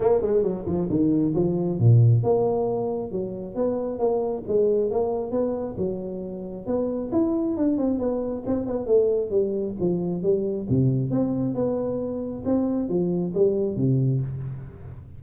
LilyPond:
\new Staff \with { instrumentName = "tuba" } { \time 4/4 \tempo 4 = 135 ais8 gis8 fis8 f8 dis4 f4 | ais,4 ais2 fis4 | b4 ais4 gis4 ais4 | b4 fis2 b4 |
e'4 d'8 c'8 b4 c'8 b8 | a4 g4 f4 g4 | c4 c'4 b2 | c'4 f4 g4 c4 | }